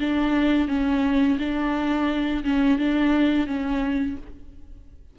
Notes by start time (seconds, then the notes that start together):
0.00 D4
0.68 C#4
1.39 D4
2.44 C#4
2.79 D4
3.47 C#4